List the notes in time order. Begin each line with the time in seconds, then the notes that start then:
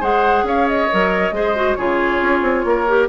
0.00 G#3 G#4 C5 F#5
0.43 C#4 C#5 F5
0.68 D#5
0.92 F#3 A#4
1.32 G#3 G#4 C5
1.56 F#4
1.75 C#3 F4 G#4 C#5
2.22 C#4
2.42 C4
2.65 A#3 A#4
2.88 G4